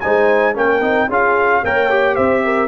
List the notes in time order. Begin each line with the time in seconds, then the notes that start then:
0.00 G#3 D#4 C5 G#5
0.54 A#3 C#4 A#4 G5
0.80 C4 D#4
1.08 C#4 F4 G#4 F5
1.63 A#3 A#4 C#5 G5
1.90 G4
2.15 C4 C5 E5
2.44 A#4